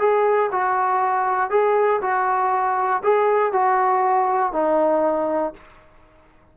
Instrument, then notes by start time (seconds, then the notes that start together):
trombone
0.00 G#4
0.52 F#4
1.51 G#4
2.02 F#4
3.04 G#4
3.53 F#4
4.53 D#4